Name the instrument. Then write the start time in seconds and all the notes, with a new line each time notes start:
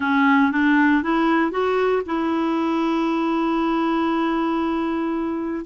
clarinet
0.00 C#4
0.51 D4
1.02 E4
1.51 F#4
2.06 E4